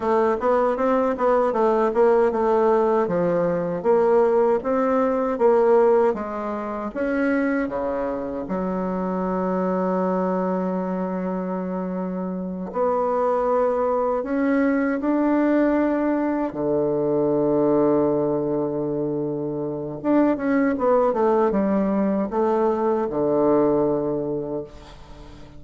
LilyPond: \new Staff \with { instrumentName = "bassoon" } { \time 4/4 \tempo 4 = 78 a8 b8 c'8 b8 a8 ais8 a4 | f4 ais4 c'4 ais4 | gis4 cis'4 cis4 fis4~ | fis1~ |
fis8 b2 cis'4 d'8~ | d'4. d2~ d8~ | d2 d'8 cis'8 b8 a8 | g4 a4 d2 | }